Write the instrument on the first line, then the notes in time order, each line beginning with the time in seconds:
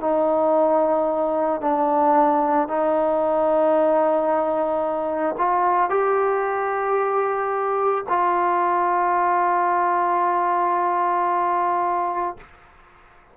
trombone
0.00 D#4
1.61 D4
2.67 D#4
5.38 F4
5.89 G4
8.08 F4